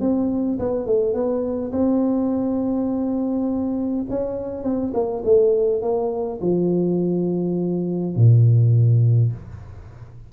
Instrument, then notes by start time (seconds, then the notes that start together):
tuba
0.00 C4
0.59 B3
0.86 A3
1.13 B3
1.72 C4
4.09 C#4
4.63 C4
4.94 A#3
5.25 A3
5.81 A#3
6.41 F3
8.16 A#2